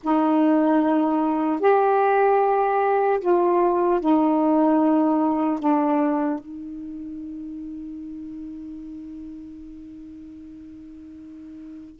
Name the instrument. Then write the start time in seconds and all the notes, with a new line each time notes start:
saxophone
0.03 D#4
1.60 G4
3.20 F4
4.00 D#4
5.59 D4
6.39 D#4